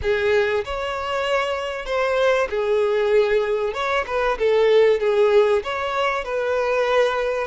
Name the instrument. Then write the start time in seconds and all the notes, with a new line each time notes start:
violin
0.02 G#4
0.64 C#5
1.85 C5
2.49 G#4
3.73 C#5
4.06 B4
4.38 A4
5.00 G#4
5.63 C#5
6.24 B4